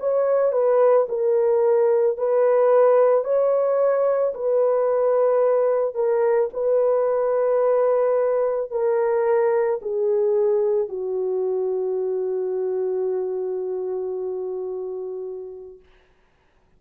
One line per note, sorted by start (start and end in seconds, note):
0.00 0.53 C#5
0.53 1.07 B4
1.09 2.18 A#4
2.18 3.25 B4
3.25 4.34 C#5
4.35 5.95 B4
5.95 6.50 A#4
6.54 8.71 B4
8.71 9.80 A#4
9.82 10.89 G#4
10.89 15.80 F#4